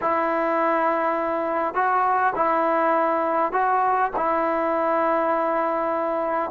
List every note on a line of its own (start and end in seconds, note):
0.01 1.74 E4
1.74 2.33 F#4
2.35 3.52 E4
3.52 4.11 F#4
4.16 6.51 E4